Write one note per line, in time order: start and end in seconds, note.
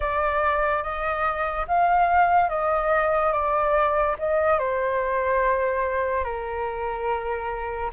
0.00 0.82 D5
0.82 1.66 D#5
1.67 2.48 F5
2.48 3.32 D#5
3.32 4.16 D5
4.18 4.58 D#5
4.58 6.23 C5
6.23 7.90 A#4